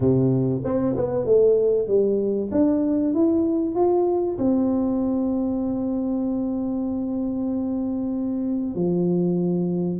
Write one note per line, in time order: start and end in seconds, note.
0.00 0.62 C3
0.64 0.95 C4
0.96 1.25 B3
1.25 1.87 A3
1.87 2.50 G3
2.51 3.14 D4
3.14 3.75 E4
3.75 4.38 F4
4.38 8.75 C4
8.75 10.00 F3